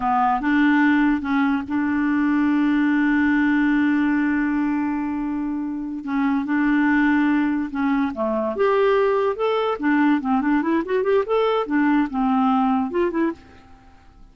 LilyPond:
\new Staff \with { instrumentName = "clarinet" } { \time 4/4 \tempo 4 = 144 b4 d'2 cis'4 | d'1~ | d'1~ | d'2~ d'8 cis'4 d'8~ |
d'2~ d'8 cis'4 a8~ | a8 g'2 a'4 d'8~ | d'8 c'8 d'8 e'8 fis'8 g'8 a'4 | d'4 c'2 f'8 e'8 | }